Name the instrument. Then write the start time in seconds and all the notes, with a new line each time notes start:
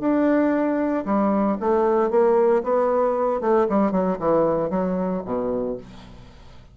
bassoon
0.00 D4
1.05 G3
1.60 A3
2.11 A#3
2.63 B3
3.41 A3
3.69 G3
3.92 F#3
4.19 E3
4.70 F#3
5.25 B2